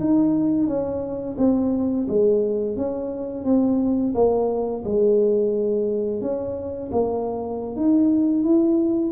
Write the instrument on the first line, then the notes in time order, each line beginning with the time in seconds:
tuba
0.00 D#4
0.67 C#4
1.38 C4
2.08 G#3
2.76 C#4
3.45 C4
4.14 A#3
4.84 G#3
6.21 C#4
6.92 A#3
7.76 D#4
8.44 E4